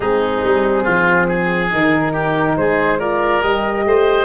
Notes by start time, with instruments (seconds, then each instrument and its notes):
0.00 tuba G#3, horn C4, oboe D#4, flute G#4
0.44 tuba G3
0.84 tuba F3, oboe F4
1.28 oboe G#4
1.70 tuba D#3, horn D#4, flute A#4
2.12 oboe G4
2.56 tuba G#3, oboe G#4, flute C5
2.98 horn F4, oboe A#4, flute D5
3.42 tuba G3, horn G4, flute D#5
3.85 tuba A3, oboe C5